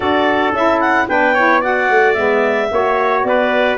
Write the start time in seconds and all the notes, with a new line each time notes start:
0.00 D4 F#4 A4 D5
0.52 C#4 E4 E5
0.80 F#5
1.08 B3 D4 B4 G5
1.34 E4 C#5
1.61 F#4 D5 F#5
1.90 A3
2.13 G#3 B3 E5
2.71 A#3 F#4 C#5
3.23 B3 B4 D5